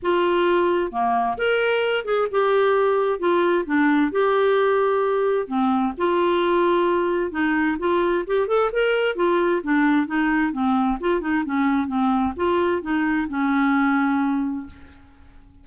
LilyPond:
\new Staff \with { instrumentName = "clarinet" } { \time 4/4 \tempo 4 = 131 f'2 ais4 ais'4~ | ais'8 gis'8 g'2 f'4 | d'4 g'2. | c'4 f'2. |
dis'4 f'4 g'8 a'8 ais'4 | f'4 d'4 dis'4 c'4 | f'8 dis'8 cis'4 c'4 f'4 | dis'4 cis'2. | }